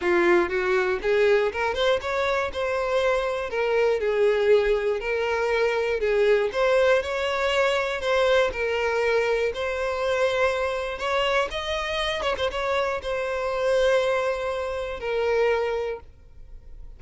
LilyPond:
\new Staff \with { instrumentName = "violin" } { \time 4/4 \tempo 4 = 120 f'4 fis'4 gis'4 ais'8 c''8 | cis''4 c''2 ais'4 | gis'2 ais'2 | gis'4 c''4 cis''2 |
c''4 ais'2 c''4~ | c''2 cis''4 dis''4~ | dis''8 cis''16 c''16 cis''4 c''2~ | c''2 ais'2 | }